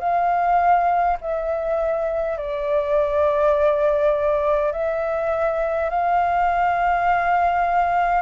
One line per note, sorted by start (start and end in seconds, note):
0.00 1.18 F5
1.21 2.38 E5
2.38 4.73 D5
4.73 5.90 E5
5.90 8.22 F5